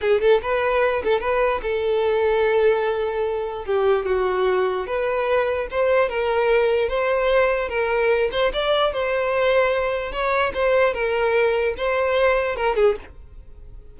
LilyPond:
\new Staff \with { instrumentName = "violin" } { \time 4/4 \tempo 4 = 148 gis'8 a'8 b'4. a'8 b'4 | a'1~ | a'4 g'4 fis'2 | b'2 c''4 ais'4~ |
ais'4 c''2 ais'4~ | ais'8 c''8 d''4 c''2~ | c''4 cis''4 c''4 ais'4~ | ais'4 c''2 ais'8 gis'8 | }